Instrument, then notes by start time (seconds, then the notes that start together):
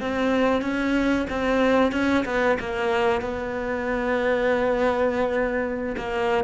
cello
0.00 C4
0.62 C#4
1.29 C4
1.92 C#4
2.25 B3
2.59 A#3
3.21 B3
5.97 A#3